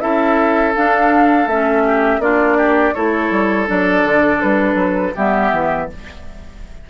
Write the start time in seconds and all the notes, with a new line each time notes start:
0.00 C#4 E4 A4 E5
0.75 D4 F5
1.47 A3 C#4 E5
1.84 G4
2.19 A#3 D4 F4 D5
2.57 G4
2.94 A3 E4 A4 C#5
3.30 G3
3.67 F#3 D4 D5
4.03 D3
4.41 G3 B4
4.75 F#3
5.15 G3 B3 G4 E5
5.51 E3